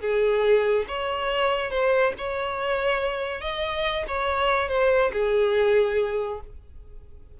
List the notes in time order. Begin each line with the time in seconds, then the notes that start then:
0.00 G#4
0.87 C#5
1.70 C5
2.17 C#5
3.41 D#5
4.08 C#5
4.68 C5
5.12 G#4